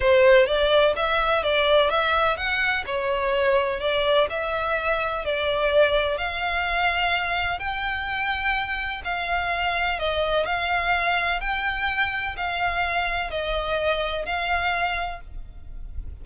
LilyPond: \new Staff \with { instrumentName = "violin" } { \time 4/4 \tempo 4 = 126 c''4 d''4 e''4 d''4 | e''4 fis''4 cis''2 | d''4 e''2 d''4~ | d''4 f''2. |
g''2. f''4~ | f''4 dis''4 f''2 | g''2 f''2 | dis''2 f''2 | }